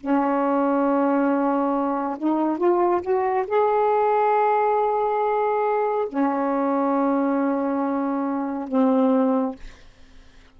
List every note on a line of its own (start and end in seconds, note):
0.00 2.17 C#4
2.18 2.58 D#4
2.58 3.02 F4
3.02 3.45 F#4
3.47 6.08 G#4
6.09 8.68 C#4
8.68 9.55 C4